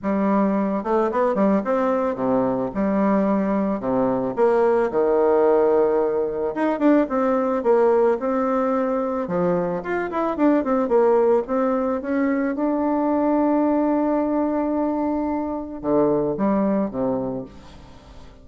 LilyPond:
\new Staff \with { instrumentName = "bassoon" } { \time 4/4 \tempo 4 = 110 g4. a8 b8 g8 c'4 | c4 g2 c4 | ais4 dis2. | dis'8 d'8 c'4 ais4 c'4~ |
c'4 f4 f'8 e'8 d'8 c'8 | ais4 c'4 cis'4 d'4~ | d'1~ | d'4 d4 g4 c4 | }